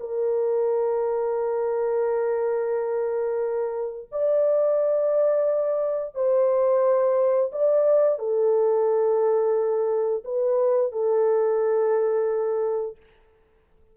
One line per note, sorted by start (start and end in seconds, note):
0.00 4.09 A#4
4.12 6.15 D5
6.15 7.51 C5
7.52 8.19 D5
8.19 10.23 A4
10.24 10.92 B4
10.92 12.96 A4